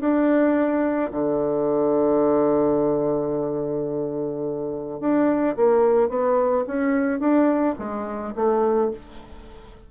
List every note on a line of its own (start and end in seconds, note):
0.00 1.11 D4
1.11 5.00 D3
5.00 5.56 D4
5.56 6.09 A#3
6.09 6.64 B3
6.67 7.20 C#4
7.20 7.75 D4
7.79 8.34 G#3
8.35 8.91 A3